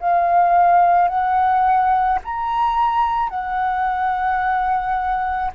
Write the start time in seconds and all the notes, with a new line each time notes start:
0.00 F5
1.09 F#5
2.25 A#5
3.30 F#5